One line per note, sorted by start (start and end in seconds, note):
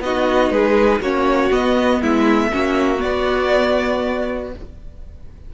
0.00 0.49 B3
0.00 1.02 D#4
0.00 0.53 F#4
0.00 0.51 D#5
0.49 0.99 G#3
0.49 1.02 G#4
0.49 1.01 B4
1.00 1.50 A#3
1.00 1.52 C#4
1.00 2.01 F#4
1.00 1.52 C#5
1.51 2.01 B3
1.51 2.52 B3
1.51 2.02 D#5
2.01 2.51 G#3
2.01 2.51 E4
2.01 3.00 E5
2.52 3.04 A#3
2.52 2.97 C#4
2.52 4.53 F#4
2.97 4.47 B3
2.97 4.50 D5
3.04 4.54 B3